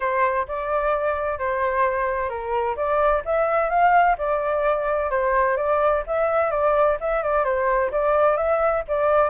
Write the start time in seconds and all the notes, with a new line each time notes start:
0.00 C5
0.47 D5
1.38 C5
2.29 A#4
2.76 D5
3.25 E5
3.69 F5
4.18 D5
5.10 C5
5.56 D5
6.07 E5
6.50 D5
7.00 E5
7.22 D5
7.44 C5
7.91 D5
8.36 E5
8.87 D5